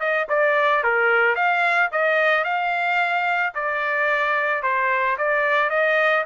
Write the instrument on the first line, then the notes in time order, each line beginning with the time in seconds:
trumpet
0.00 D#5
0.29 D5
0.84 A#4
1.36 F5
1.92 D#5
2.44 F5
3.55 D5
4.63 C5
5.18 D5
5.70 D#5